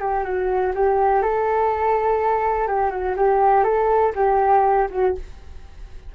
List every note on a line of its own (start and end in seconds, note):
0.00 0.24 G4
0.24 0.73 F#4
0.75 1.22 G4
1.22 2.67 A4
2.67 2.91 G4
2.91 3.15 F#4
3.17 3.64 G4
3.64 4.13 A4
4.16 4.89 G4
4.91 5.15 F#4